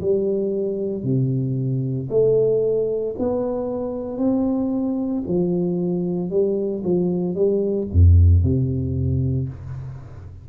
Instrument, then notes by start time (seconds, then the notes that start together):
tuba
0.00 G3
1.03 C3
2.09 A3
3.18 B3
4.18 C4
5.27 F3
6.30 G3
6.83 F3
7.34 G3
7.92 F2
8.43 C3